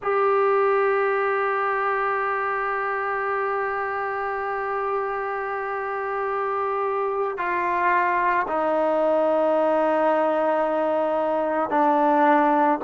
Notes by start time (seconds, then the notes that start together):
0.02 G4
7.37 F4
8.47 D#4
11.70 D4